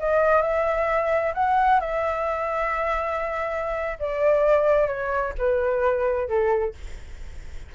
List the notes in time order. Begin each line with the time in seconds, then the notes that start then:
0.00 D#5
0.42 E5
1.35 F#5
1.81 E5
4.00 D5
4.88 C#5
5.39 B4
6.29 A4